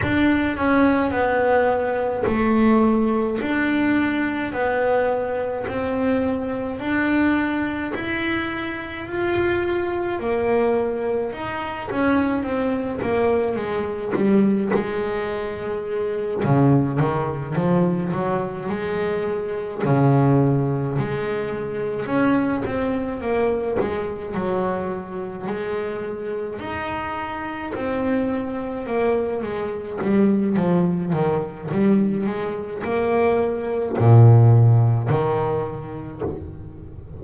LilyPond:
\new Staff \with { instrumentName = "double bass" } { \time 4/4 \tempo 4 = 53 d'8 cis'8 b4 a4 d'4 | b4 c'4 d'4 e'4 | f'4 ais4 dis'8 cis'8 c'8 ais8 | gis8 g8 gis4. cis8 dis8 f8 |
fis8 gis4 cis4 gis4 cis'8 | c'8 ais8 gis8 fis4 gis4 dis'8~ | dis'8 c'4 ais8 gis8 g8 f8 dis8 | g8 gis8 ais4 ais,4 dis4 | }